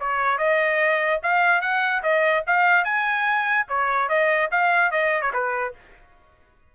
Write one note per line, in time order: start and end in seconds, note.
0.00 0.38 C#5
0.38 1.20 D#5
1.23 1.61 F5
1.61 2.02 F#5
2.03 2.44 D#5
2.47 2.84 F5
2.84 3.66 G#5
3.69 4.09 C#5
4.09 4.50 D#5
4.51 4.91 F5
4.91 5.22 D#5
5.22 5.32 C#5
5.33 5.74 B4